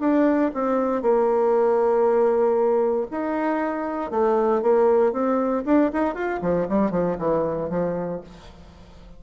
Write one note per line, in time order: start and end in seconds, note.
0.00 0.51 D4
0.54 1.02 C4
1.02 3.07 A#3
3.11 4.11 D#4
4.11 4.62 A3
4.62 5.13 A#3
5.13 5.64 C4
5.65 5.91 D4
5.93 6.15 D#4
6.15 6.40 F4
6.42 6.68 F3
6.69 6.91 G3
6.91 7.17 F3
7.19 7.70 E3
7.70 8.21 F3